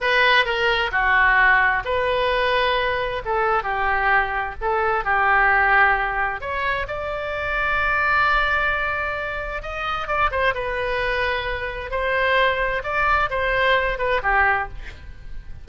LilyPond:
\new Staff \with { instrumentName = "oboe" } { \time 4/4 \tempo 4 = 131 b'4 ais'4 fis'2 | b'2. a'4 | g'2 a'4 g'4~ | g'2 cis''4 d''4~ |
d''1~ | d''4 dis''4 d''8 c''8 b'4~ | b'2 c''2 | d''4 c''4. b'8 g'4 | }